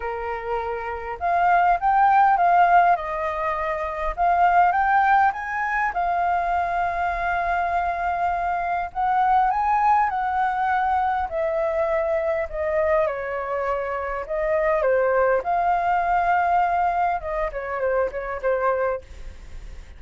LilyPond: \new Staff \with { instrumentName = "flute" } { \time 4/4 \tempo 4 = 101 ais'2 f''4 g''4 | f''4 dis''2 f''4 | g''4 gis''4 f''2~ | f''2. fis''4 |
gis''4 fis''2 e''4~ | e''4 dis''4 cis''2 | dis''4 c''4 f''2~ | f''4 dis''8 cis''8 c''8 cis''8 c''4 | }